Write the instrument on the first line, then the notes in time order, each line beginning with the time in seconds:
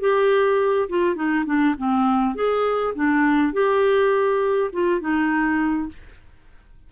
clarinet
0.00 G4
0.89 F4
1.15 D#4
1.45 D4
1.78 C4
2.35 G#4
2.95 D4
3.52 G4
4.72 F4
5.00 D#4